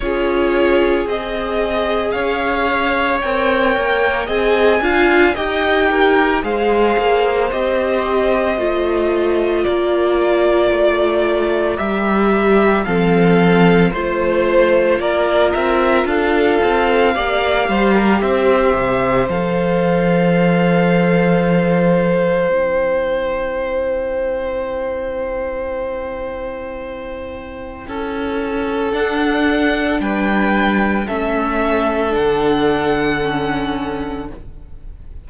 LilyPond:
<<
  \new Staff \with { instrumentName = "violin" } { \time 4/4 \tempo 4 = 56 cis''4 dis''4 f''4 g''4 | gis''4 g''4 f''4 dis''4~ | dis''4 d''2 e''4 | f''4 c''4 d''8 e''8 f''4~ |
f''4 e''4 f''2~ | f''4 g''2.~ | g''2. fis''4 | g''4 e''4 fis''2 | }
  \new Staff \with { instrumentName = "violin" } { \time 4/4 gis'2 cis''2 | dis''8 f''8 dis''8 ais'8 c''2~ | c''4 ais'2. | a'4 c''4 ais'4 a'4 |
d''8 c''16 ais'16 c''2.~ | c''1~ | c''2 a'2 | b'4 a'2. | }
  \new Staff \with { instrumentName = "viola" } { \time 4/4 f'4 gis'2 ais'4 | gis'8 f'8 g'4 gis'4 g'4 | f'2. g'4 | c'4 f'2. |
g'2 a'2~ | a'4 e'2.~ | e'2. d'4~ | d'4 cis'4 d'4 cis'4 | }
  \new Staff \with { instrumentName = "cello" } { \time 4/4 cis'4 c'4 cis'4 c'8 ais8 | c'8 d'8 dis'4 gis8 ais8 c'4 | a4 ais4 a4 g4 | f4 a4 ais8 c'8 d'8 c'8 |
ais8 g8 c'8 c8 f2~ | f4 c'2.~ | c'2 cis'4 d'4 | g4 a4 d2 | }
>>